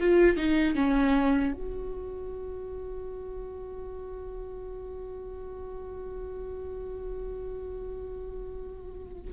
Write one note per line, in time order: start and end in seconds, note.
0.00 0.37 F4
0.37 0.75 D#4
0.75 1.53 C#4
1.54 9.33 F#4